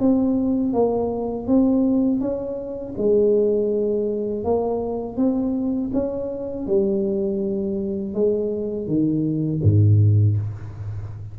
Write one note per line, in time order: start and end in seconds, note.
0.00 0.73 C4
0.73 1.47 A#3
1.47 2.21 C4
2.21 2.95 C#4
2.98 4.44 G#3
4.44 5.17 A#3
5.17 5.91 C4
5.93 6.67 C#4
6.67 8.14 G3
8.14 8.87 G#3
8.87 9.61 D#3
9.64 10.38 G#2